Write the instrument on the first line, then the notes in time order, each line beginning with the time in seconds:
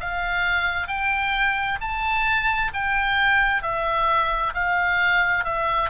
oboe
0.00 F5
0.88 G5
1.81 A5
2.74 G5
3.62 E5
4.54 F5
5.44 E5